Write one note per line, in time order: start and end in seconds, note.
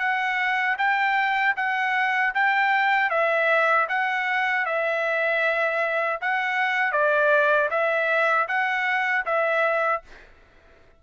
0.00 0.77 F#5
0.79 1.56 G5
1.57 2.34 F#5
2.35 3.10 G5
3.10 3.87 E5
3.90 4.66 F#5
4.66 6.20 E5
6.22 6.93 F#5
6.93 7.70 D5
7.71 8.48 E5
8.49 9.26 F#5
9.26 10.03 E5